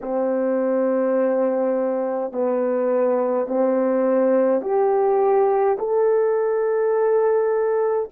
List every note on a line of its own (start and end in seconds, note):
0.01 2.31 C4
2.31 3.47 B3
3.47 4.62 C4
4.62 5.77 G4
5.78 8.09 A4